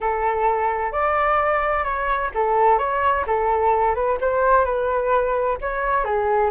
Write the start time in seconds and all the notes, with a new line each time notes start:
0.00 A4
0.92 D5
1.84 C#5
2.34 A4
2.78 C#5
3.26 A4
3.95 B4
4.20 C5
4.64 B4
5.61 C#5
6.04 G#4